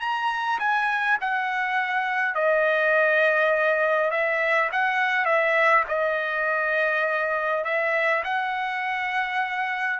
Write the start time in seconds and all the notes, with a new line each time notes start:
0.00 A#5
0.59 G#5
1.21 F#5
2.35 D#5
4.11 E5
4.72 F#5
5.25 E5
5.88 D#5
7.64 E5
8.24 F#5